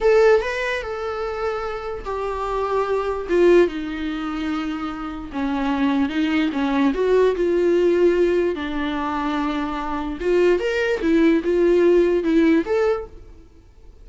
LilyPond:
\new Staff \with { instrumentName = "viola" } { \time 4/4 \tempo 4 = 147 a'4 b'4 a'2~ | a'4 g'2. | f'4 dis'2.~ | dis'4 cis'2 dis'4 |
cis'4 fis'4 f'2~ | f'4 d'2.~ | d'4 f'4 ais'4 e'4 | f'2 e'4 a'4 | }